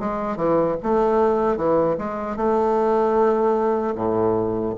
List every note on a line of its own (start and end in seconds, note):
0.00 0.37 G#3
0.37 0.76 E3
0.83 1.57 A3
1.57 1.97 E3
1.98 2.37 G#3
2.37 3.95 A3
3.96 4.75 A2